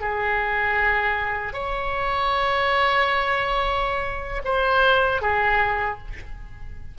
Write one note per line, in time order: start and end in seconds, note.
0.00 1.53 G#4
1.53 4.42 C#5
4.44 5.21 C5
5.21 5.98 G#4